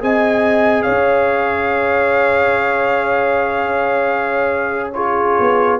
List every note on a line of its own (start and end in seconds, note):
0.00 0.87 C4
0.00 4.93 G#4
0.00 0.84 D#5
0.00 0.83 G#5
0.83 4.91 C#5
0.83 4.90 F5
0.89 5.39 C#4
4.94 5.80 F4
4.94 5.80 G#4
4.94 5.80 C#5
5.40 5.80 B3